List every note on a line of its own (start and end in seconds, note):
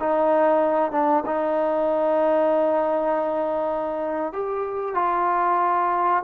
0.00 0.92 D#4
0.92 1.24 D4
1.26 4.33 D#4
4.33 4.95 G4
4.95 6.24 F4